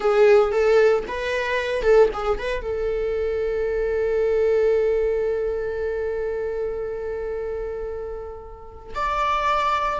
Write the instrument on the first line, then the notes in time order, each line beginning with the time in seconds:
viola
0.00 G#4
0.51 A4
1.07 B4
1.82 A4
2.13 G#4
2.38 B4
2.62 A4
8.94 D5